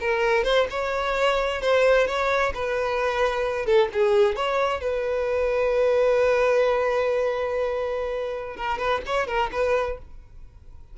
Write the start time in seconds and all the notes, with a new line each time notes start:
0.00 A#4
0.44 C5
0.70 C#5
1.61 C5
2.07 C#5
2.54 B4
3.66 A4
3.93 G#4
4.36 C#5
4.80 B4
8.56 A#4
8.78 B4
9.06 C#5
9.27 A#4
9.52 B4